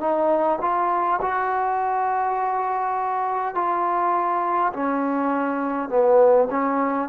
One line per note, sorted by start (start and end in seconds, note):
0.00 0.59 D#4
0.61 1.20 F4
1.22 3.55 F#4
3.55 4.73 F4
4.73 5.89 C#4
5.89 6.48 B3
6.51 7.09 C#4